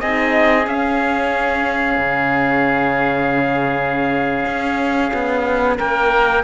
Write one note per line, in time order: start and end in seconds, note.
0.00 0.67 C4
0.00 0.64 D#4
0.00 5.77 G#4
0.00 0.66 D#5
0.64 6.41 C#4
0.64 1.98 C#4
0.64 5.78 F5
1.98 4.45 C#3
4.46 5.12 C#4
5.13 5.79 B3
5.77 6.43 A#3
5.77 6.43 A#4
5.77 6.43 G5